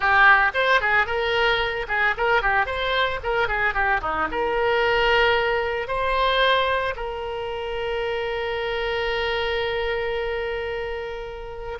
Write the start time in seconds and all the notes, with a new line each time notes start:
0.00 G4
0.54 C5
0.80 G#4
1.06 A#4
1.88 G#4
2.17 A#4
2.42 G4
2.66 C5
3.23 A#4
3.48 G#4
3.74 G4
4.01 D#4
4.31 A#4
5.87 C5
6.96 A#4